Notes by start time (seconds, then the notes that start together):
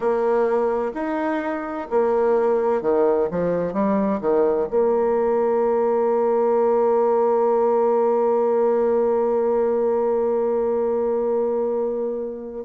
0.00 A#3
0.94 D#4
1.90 A#3
2.81 D#3
3.31 F3
3.73 G3
4.20 D#3
4.70 A#3